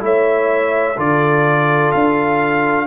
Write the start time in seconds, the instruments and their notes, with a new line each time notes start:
0.00 tuba A3, trombone E4, horn C#5, trumpet E5
0.96 tuba D3, trombone F4, horn A4, trumpet D5
1.91 tuba D4, trumpet F5